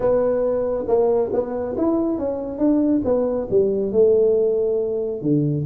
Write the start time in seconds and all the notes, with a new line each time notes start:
0.00 B3
0.87 A#3
1.32 B3
1.77 E4
2.18 C#4
2.58 D4
3.04 B3
3.50 G3
3.92 A3
5.21 D3